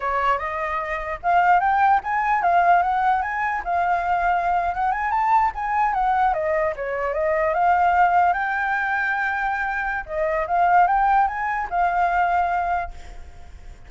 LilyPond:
\new Staff \with { instrumentName = "flute" } { \time 4/4 \tempo 4 = 149 cis''4 dis''2 f''4 | g''4 gis''4 f''4 fis''4 | gis''4 f''2~ f''8. fis''16~ | fis''16 gis''8 a''4 gis''4 fis''4 dis''16~ |
dis''8. cis''4 dis''4 f''4~ f''16~ | f''8. g''2.~ g''16~ | g''4 dis''4 f''4 g''4 | gis''4 f''2. | }